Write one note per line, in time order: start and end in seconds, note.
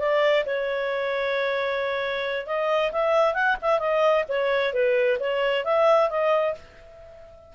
0.00 0.45 D5
0.46 2.47 C#5
2.47 2.92 D#5
2.93 3.34 E5
3.34 3.57 F#5
3.62 3.80 E5
3.80 4.25 D#5
4.29 4.74 C#5
4.74 5.19 B4
5.20 5.65 C#5
5.65 6.10 E5
6.10 6.55 D#5